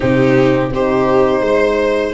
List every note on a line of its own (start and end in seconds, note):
0.00 0.70 C3
0.00 0.71 C4
0.00 0.71 D#4
0.00 0.71 G4
0.70 1.40 C4
0.70 2.13 D#4
0.70 1.42 G4
0.70 2.13 C5
1.40 2.12 G#3
1.40 2.13 C5